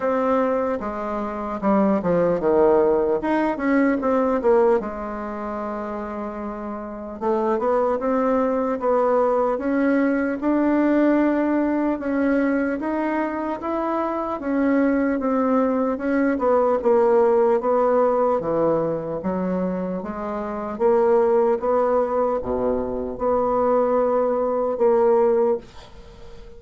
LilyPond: \new Staff \with { instrumentName = "bassoon" } { \time 4/4 \tempo 4 = 75 c'4 gis4 g8 f8 dis4 | dis'8 cis'8 c'8 ais8 gis2~ | gis4 a8 b8 c'4 b4 | cis'4 d'2 cis'4 |
dis'4 e'4 cis'4 c'4 | cis'8 b8 ais4 b4 e4 | fis4 gis4 ais4 b4 | b,4 b2 ais4 | }